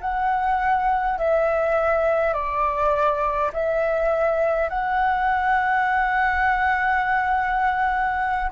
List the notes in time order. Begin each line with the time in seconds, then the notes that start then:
0.00 F#5
1.18 E5
2.33 D5
3.52 E5
4.69 F#5